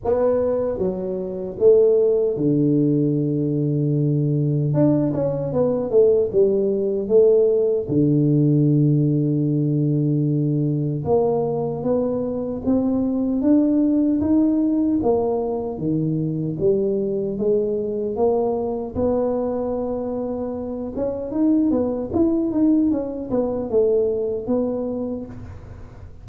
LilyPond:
\new Staff \with { instrumentName = "tuba" } { \time 4/4 \tempo 4 = 76 b4 fis4 a4 d4~ | d2 d'8 cis'8 b8 a8 | g4 a4 d2~ | d2 ais4 b4 |
c'4 d'4 dis'4 ais4 | dis4 g4 gis4 ais4 | b2~ b8 cis'8 dis'8 b8 | e'8 dis'8 cis'8 b8 a4 b4 | }